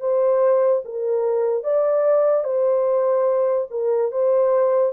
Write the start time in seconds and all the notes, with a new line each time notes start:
0.00 C5
0.84 A#4
1.63 D5
2.44 C5
3.70 A#4
4.11 C5